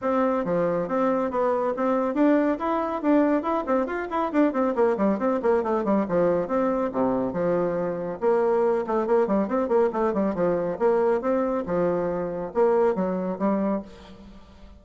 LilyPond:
\new Staff \with { instrumentName = "bassoon" } { \time 4/4 \tempo 4 = 139 c'4 f4 c'4 b4 | c'4 d'4 e'4 d'4 | e'8 c'8 f'8 e'8 d'8 c'8 ais8 g8 | c'8 ais8 a8 g8 f4 c'4 |
c4 f2 ais4~ | ais8 a8 ais8 g8 c'8 ais8 a8 g8 | f4 ais4 c'4 f4~ | f4 ais4 fis4 g4 | }